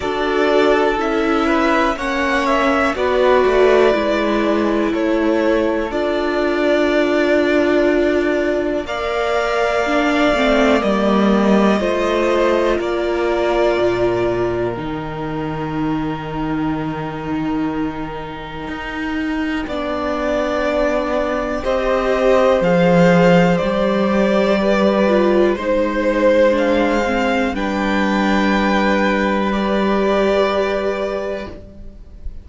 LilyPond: <<
  \new Staff \with { instrumentName = "violin" } { \time 4/4 \tempo 4 = 61 d''4 e''4 fis''8 e''8 d''4~ | d''4 cis''4 d''2~ | d''4 f''2 dis''4~ | dis''4 d''2 g''4~ |
g''1~ | g''2 dis''4 f''4 | d''2 c''4 f''4 | g''2 d''2 | }
  \new Staff \with { instrumentName = "violin" } { \time 4/4 a'4. b'8 cis''4 b'4~ | b'4 a'2.~ | a'4 d''2. | c''4 ais'2.~ |
ais'1 | d''2 c''2~ | c''4 b'4 c''2 | b'1 | }
  \new Staff \with { instrumentName = "viola" } { \time 4/4 fis'4 e'4 cis'4 fis'4 | e'2 f'2~ | f'4 ais'4 d'8 c'8 ais4 | f'2. dis'4~ |
dis'1 | d'2 g'4 gis'4 | g'4. f'8 dis'4 d'8 c'8 | d'2 g'2 | }
  \new Staff \with { instrumentName = "cello" } { \time 4/4 d'4 cis'4 ais4 b8 a8 | gis4 a4 d'2~ | d'4 ais4. a8 g4 | a4 ais4 ais,4 dis4~ |
dis2. dis'4 | b2 c'4 f4 | g2 gis2 | g1 | }
>>